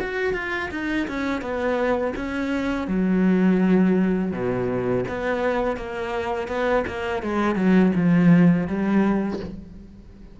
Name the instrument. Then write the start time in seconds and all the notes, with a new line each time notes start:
cello
0.00 F#4
0.34 F4
0.71 D#4
1.08 C#4
1.41 B3
2.16 C#4
2.88 F#3
4.32 B2
5.08 B3
5.77 A#3
6.48 B3
6.87 A#3
7.23 G#3
7.56 F#3
7.96 F3
8.67 G3